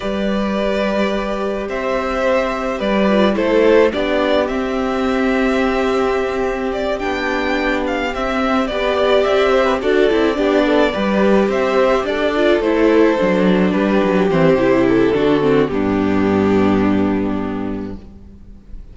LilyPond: <<
  \new Staff \with { instrumentName = "violin" } { \time 4/4 \tempo 4 = 107 d''2. e''4~ | e''4 d''4 c''4 d''4 | e''1 | d''8 g''4. f''8 e''4 d''8~ |
d''8 e''4 d''2~ d''8~ | d''8 e''4 d''4 c''4.~ | c''8 b'4 c''4 a'4. | g'1 | }
  \new Staff \with { instrumentName = "violin" } { \time 4/4 b'2. c''4~ | c''4 b'4 a'4 g'4~ | g'1~ | g'2.~ g'8 b'8 |
d''4 c''16 b'16 a'4 g'8 a'8 b'8~ | b'8 c''4 a'2~ a'8~ | a'8 g'2~ g'8 fis'4 | d'1 | }
  \new Staff \with { instrumentName = "viola" } { \time 4/4 g'1~ | g'4. f'8 e'4 d'4 | c'1~ | c'8 d'2 c'4 g'8~ |
g'4. fis'8 e'8 d'4 g'8~ | g'2 f'8 e'4 d'8~ | d'4. c'8 e'4 d'8 c'8 | b1 | }
  \new Staff \with { instrumentName = "cello" } { \time 4/4 g2. c'4~ | c'4 g4 a4 b4 | c'1~ | c'8 b2 c'4 b8~ |
b8 c'4 d'8 c'8 b4 g8~ | g8 c'4 d'4 a4 fis8~ | fis8 g8 fis8 e8 c4 d4 | g,1 | }
>>